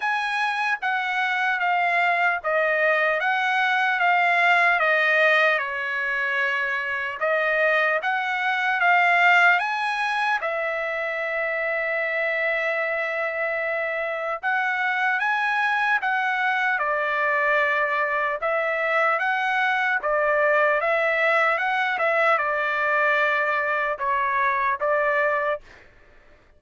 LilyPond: \new Staff \with { instrumentName = "trumpet" } { \time 4/4 \tempo 4 = 75 gis''4 fis''4 f''4 dis''4 | fis''4 f''4 dis''4 cis''4~ | cis''4 dis''4 fis''4 f''4 | gis''4 e''2.~ |
e''2 fis''4 gis''4 | fis''4 d''2 e''4 | fis''4 d''4 e''4 fis''8 e''8 | d''2 cis''4 d''4 | }